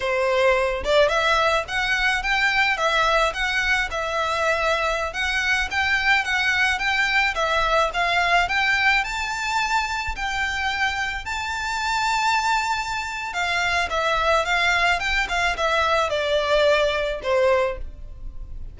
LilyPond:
\new Staff \with { instrumentName = "violin" } { \time 4/4 \tempo 4 = 108 c''4. d''8 e''4 fis''4 | g''4 e''4 fis''4 e''4~ | e''4~ e''16 fis''4 g''4 fis''8.~ | fis''16 g''4 e''4 f''4 g''8.~ |
g''16 a''2 g''4.~ g''16~ | g''16 a''2.~ a''8. | f''4 e''4 f''4 g''8 f''8 | e''4 d''2 c''4 | }